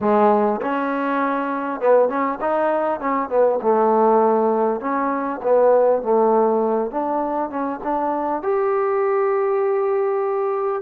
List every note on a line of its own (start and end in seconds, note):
0.00 0.60 G#3
0.61 1.80 C#4
1.80 2.08 B3
2.08 2.38 C#4
2.41 3.00 D#4
3.00 3.29 C#4
3.29 3.59 B3
3.62 4.80 A3
4.80 5.40 C#4
5.42 6.02 B3
6.02 6.90 A3
6.90 7.50 D4
7.50 7.80 C#4
7.83 8.42 D4
8.42 10.82 G4